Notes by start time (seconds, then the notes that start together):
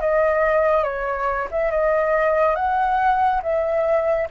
0.00 D#5
0.83 C#5
1.51 E5
1.71 D#5
2.56 F#5
3.42 E5